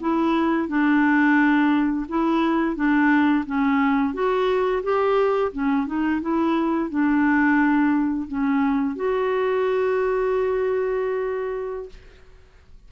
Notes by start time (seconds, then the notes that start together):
0.00 E4
0.68 D4
2.08 E4
2.75 D4
3.45 C#4
4.13 F#4
4.83 G4
5.52 C#4
5.86 D#4
6.21 E4
6.89 D4
8.28 C#4
8.96 F#4